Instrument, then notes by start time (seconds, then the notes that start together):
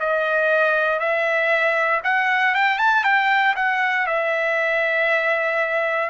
trumpet
0.00 D#5
0.99 E5
2.04 F#5
2.55 G5
2.79 A5
3.04 G5
3.56 F#5
4.07 E5